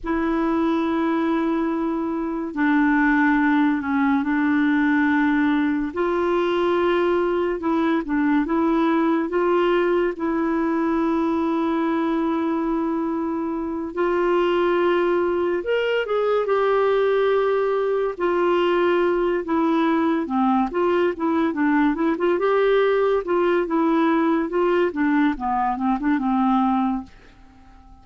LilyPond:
\new Staff \with { instrumentName = "clarinet" } { \time 4/4 \tempo 4 = 71 e'2. d'4~ | d'8 cis'8 d'2 f'4~ | f'4 e'8 d'8 e'4 f'4 | e'1~ |
e'8 f'2 ais'8 gis'8 g'8~ | g'4. f'4. e'4 | c'8 f'8 e'8 d'8 e'16 f'16 g'4 f'8 | e'4 f'8 d'8 b8 c'16 d'16 c'4 | }